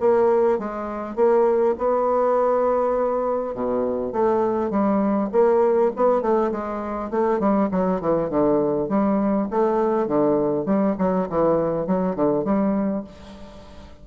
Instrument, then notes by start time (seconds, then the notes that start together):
bassoon
0.00 A#3
0.59 G#3
1.16 A#3
1.78 B3
3.55 B2
4.13 A3
4.70 G3
5.32 A#3
5.96 B3
6.22 A3
6.52 G#3
7.11 A3
7.40 G3
7.71 F#3
8.01 E3
8.30 D3
8.89 G3
9.51 A3
10.07 D3
10.66 G3
10.98 F#3
11.30 E3
11.87 F#3
12.16 D3
12.45 G3